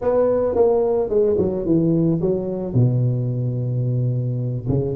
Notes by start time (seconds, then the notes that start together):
0.01 B3
0.55 A#3
1.09 G#3
1.38 F#3
1.65 E3
2.21 F#3
2.74 B2
4.68 C#3